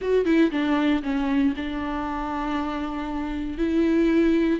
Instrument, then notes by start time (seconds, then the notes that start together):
viola
0.01 F#4
0.25 E4
0.51 D4
1.02 C#4
1.56 D4
3.58 E4